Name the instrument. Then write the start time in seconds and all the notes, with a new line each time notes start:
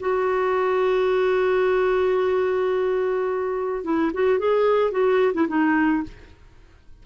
clarinet
0.00 F#4
3.84 E4
4.14 F#4
4.39 G#4
4.91 F#4
5.34 E4
5.48 D#4